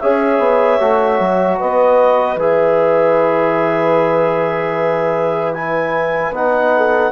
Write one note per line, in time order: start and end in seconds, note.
0.00 0.39 C#4
0.00 0.81 G#4
0.00 1.58 C#5
0.00 1.58 E5
0.39 0.78 B3
0.81 1.20 A3
0.81 2.39 F#4
1.20 1.59 F#3
1.58 2.37 B3
1.58 6.72 B4
1.58 2.39 D#5
2.37 6.32 E3
2.37 5.55 G#4
2.37 5.54 E5
5.54 6.34 E4
5.54 6.33 G#5
6.32 7.11 B3
6.32 7.13 D#4
6.32 7.13 F#5
6.76 7.13 A4